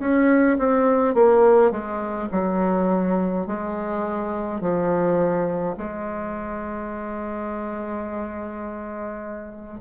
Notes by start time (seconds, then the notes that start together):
0.00 C#4
0.58 C4
1.14 A#3
1.71 G#3
2.32 F#3
3.47 G#3
4.61 F3
5.77 G#3